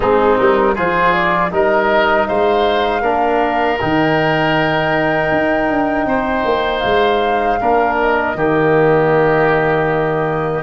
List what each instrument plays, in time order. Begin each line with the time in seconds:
0.00 tuba G#3, trombone C4, oboe D#4, flute G#4
0.37 tuba G3, flute A#4
0.74 tuba F3, trombone F4, oboe G#4, flute C5
1.13 flute D5
1.51 tuba G3, trombone D#4, oboe A#4, flute D#5
2.27 tuba G#3, oboe C5, flute F5
3.01 tuba A#3, trombone D4, oboe A#4
3.80 tuba D#3, trombone D#4, flute G5
5.31 tuba D#4
5.69 tuba D4
6.05 tuba C4, oboe C5
6.44 tuba A#3
6.79 tuba G#3, flute F5
7.60 tuba A#3, trombone D4, oboe A#4
8.00 flute D#5
8.34 tuba D#3, trombone A#3, oboe G4